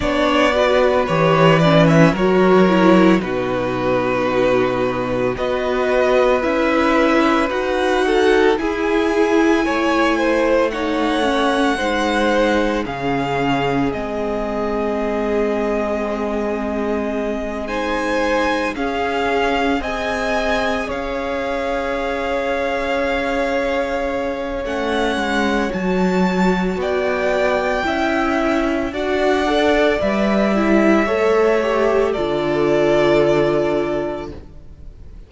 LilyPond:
<<
  \new Staff \with { instrumentName = "violin" } { \time 4/4 \tempo 4 = 56 d''4 cis''8 d''16 e''16 cis''4 b'4~ | b'4 dis''4 e''4 fis''4 | gis''2 fis''2 | f''4 dis''2.~ |
dis''8 gis''4 f''4 gis''4 f''8~ | f''2. fis''4 | a''4 g''2 fis''4 | e''2 d''2 | }
  \new Staff \with { instrumentName = "violin" } { \time 4/4 cis''8 b'4. ais'4 fis'4~ | fis'4 b'2~ b'8 a'8 | gis'4 cis''8 c''8 cis''4 c''4 | gis'1~ |
gis'8 c''4 gis'4 dis''4 cis''8~ | cis''1~ | cis''4 d''4 e''4 d''4~ | d''4 cis''4 a'2 | }
  \new Staff \with { instrumentName = "viola" } { \time 4/4 d'8 fis'8 g'8 cis'8 fis'8 e'8 dis'4~ | dis'4 fis'4 e'4 fis'4 | e'2 dis'8 cis'8 dis'4 | cis'4 c'2.~ |
c'8 dis'4 cis'4 gis'4.~ | gis'2. cis'4 | fis'2 e'4 fis'8 a'8 | b'8 e'8 a'8 g'8 f'2 | }
  \new Staff \with { instrumentName = "cello" } { \time 4/4 b4 e4 fis4 b,4~ | b,4 b4 cis'4 dis'4 | e'4 a2 gis4 | cis4 gis2.~ |
gis4. cis'4 c'4 cis'8~ | cis'2. a8 gis8 | fis4 b4 cis'4 d'4 | g4 a4 d2 | }
>>